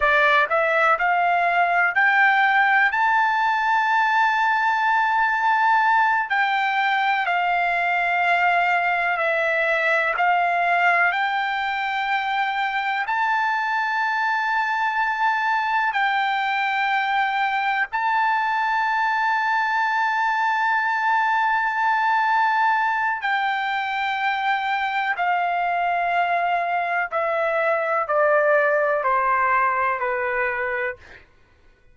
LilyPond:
\new Staff \with { instrumentName = "trumpet" } { \time 4/4 \tempo 4 = 62 d''8 e''8 f''4 g''4 a''4~ | a''2~ a''8 g''4 f''8~ | f''4. e''4 f''4 g''8~ | g''4. a''2~ a''8~ |
a''8 g''2 a''4.~ | a''1 | g''2 f''2 | e''4 d''4 c''4 b'4 | }